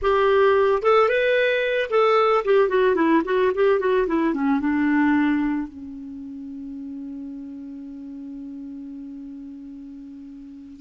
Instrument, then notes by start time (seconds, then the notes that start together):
clarinet
0.01 G4
0.82 A4
1.08 B4
1.90 A4
2.44 G4
2.68 F#4
2.95 E4
3.24 F#4
3.54 G4
3.79 F#4
4.07 E4
4.34 C#4
4.60 D4
5.68 C#4